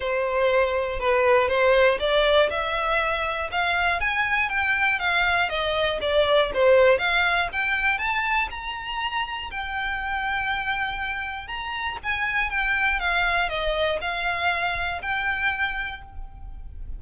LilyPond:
\new Staff \with { instrumentName = "violin" } { \time 4/4 \tempo 4 = 120 c''2 b'4 c''4 | d''4 e''2 f''4 | gis''4 g''4 f''4 dis''4 | d''4 c''4 f''4 g''4 |
a''4 ais''2 g''4~ | g''2. ais''4 | gis''4 g''4 f''4 dis''4 | f''2 g''2 | }